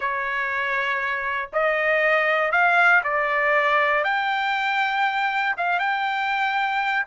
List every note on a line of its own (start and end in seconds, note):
0.00 1.49 C#5
1.52 2.51 D#5
2.51 3.02 F5
3.03 4.04 D5
4.04 5.55 G5
5.57 5.79 F5
5.79 7.05 G5